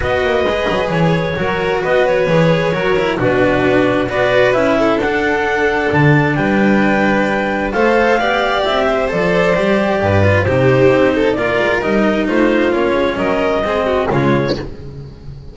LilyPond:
<<
  \new Staff \with { instrumentName = "clarinet" } { \time 4/4 \tempo 4 = 132 dis''2 cis''2 | dis''8 cis''2~ cis''8 b'4~ | b'4 d''4 e''4 fis''4~ | fis''4 a''4 g''2~ |
g''4 f''2 e''4 | d''2. c''4~ | c''4 d''4 dis''4 c''4 | cis''4 dis''2 cis''4 | }
  \new Staff \with { instrumentName = "violin" } { \time 4/4 b'2. ais'4 | b'2 ais'4 fis'4~ | fis'4 b'4. a'4.~ | a'2 b'2~ |
b'4 c''4 d''4. c''8~ | c''2 b'4 g'4~ | g'8 a'8 ais'2 f'4~ | f'4 ais'4 gis'8 fis'8 f'4 | }
  \new Staff \with { instrumentName = "cello" } { \time 4/4 fis'4 gis'2 fis'4~ | fis'4 gis'4 fis'8 e'8 d'4~ | d'4 fis'4 e'4 d'4~ | d'1~ |
d'4 a'4 g'2 | a'4 g'4. f'8 dis'4~ | dis'4 f'4 dis'2 | cis'2 c'4 gis4 | }
  \new Staff \with { instrumentName = "double bass" } { \time 4/4 b8 ais8 gis8 fis8 e4 fis4 | b4 e4 fis4 b,4~ | b,4 b4 cis'4 d'4~ | d'4 d4 g2~ |
g4 a4 b4 c'4 | f4 g4 g,4 c4 | c'4 ais8 gis8 g4 a4 | ais8 gis8 fis4 gis4 cis4 | }
>>